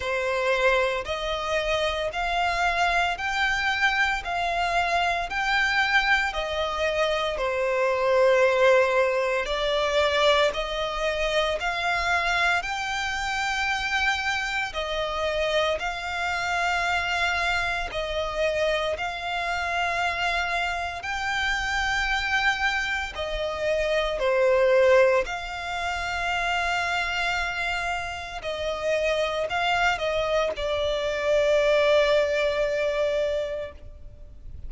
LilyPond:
\new Staff \with { instrumentName = "violin" } { \time 4/4 \tempo 4 = 57 c''4 dis''4 f''4 g''4 | f''4 g''4 dis''4 c''4~ | c''4 d''4 dis''4 f''4 | g''2 dis''4 f''4~ |
f''4 dis''4 f''2 | g''2 dis''4 c''4 | f''2. dis''4 | f''8 dis''8 d''2. | }